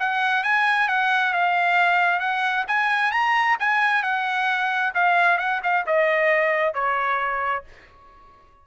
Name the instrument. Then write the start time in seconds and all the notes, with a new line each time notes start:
trumpet
0.00 F#5
0.44 G#5
0.89 F#5
1.33 F5
2.20 F#5
2.68 G#5
3.12 A#5
3.60 G#5
4.03 F#5
4.95 F5
5.39 F#5
5.63 F5
5.87 D#5
6.74 C#5